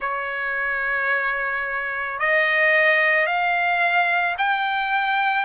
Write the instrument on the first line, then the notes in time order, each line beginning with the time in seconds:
trumpet
0.00 C#5
2.19 D#5
3.26 F5
4.38 G5